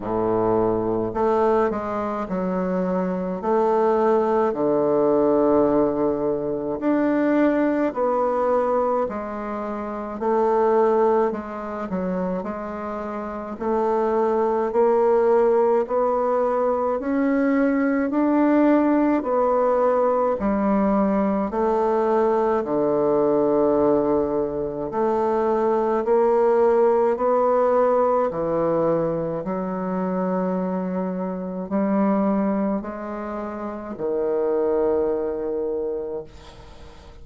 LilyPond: \new Staff \with { instrumentName = "bassoon" } { \time 4/4 \tempo 4 = 53 a,4 a8 gis8 fis4 a4 | d2 d'4 b4 | gis4 a4 gis8 fis8 gis4 | a4 ais4 b4 cis'4 |
d'4 b4 g4 a4 | d2 a4 ais4 | b4 e4 fis2 | g4 gis4 dis2 | }